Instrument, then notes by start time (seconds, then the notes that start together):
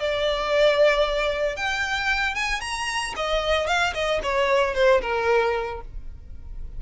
violin
0.00 D5
1.56 G5
2.35 G#5
2.61 A#5
3.17 D#5
3.67 F5
3.94 D#5
4.23 C#5
4.75 C5
5.02 A#4